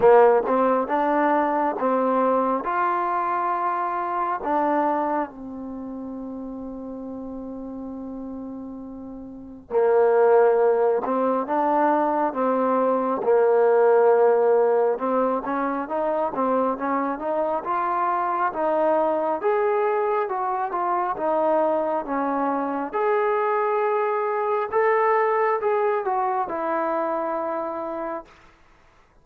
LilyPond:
\new Staff \with { instrumentName = "trombone" } { \time 4/4 \tempo 4 = 68 ais8 c'8 d'4 c'4 f'4~ | f'4 d'4 c'2~ | c'2. ais4~ | ais8 c'8 d'4 c'4 ais4~ |
ais4 c'8 cis'8 dis'8 c'8 cis'8 dis'8 | f'4 dis'4 gis'4 fis'8 f'8 | dis'4 cis'4 gis'2 | a'4 gis'8 fis'8 e'2 | }